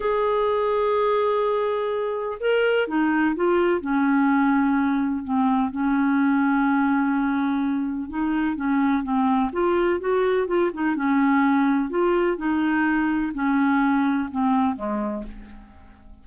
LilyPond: \new Staff \with { instrumentName = "clarinet" } { \time 4/4 \tempo 4 = 126 gis'1~ | gis'4 ais'4 dis'4 f'4 | cis'2. c'4 | cis'1~ |
cis'4 dis'4 cis'4 c'4 | f'4 fis'4 f'8 dis'8 cis'4~ | cis'4 f'4 dis'2 | cis'2 c'4 gis4 | }